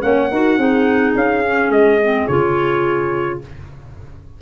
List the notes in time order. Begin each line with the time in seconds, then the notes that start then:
0.00 A#3 C#4 C#5 F#5
0.31 D#4 F#4 A#4
0.57 C4 D#4 G#4
1.15 C#4 F5
1.44 C#4
1.69 G#3 D#5
2.02 C4
2.27 C#3 F4 C#5